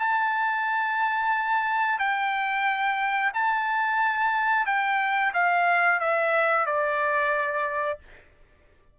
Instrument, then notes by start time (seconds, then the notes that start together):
trumpet
0.00 A5
1.99 G5
3.34 A5
4.66 G5
5.34 F5
6.00 E5
6.66 D5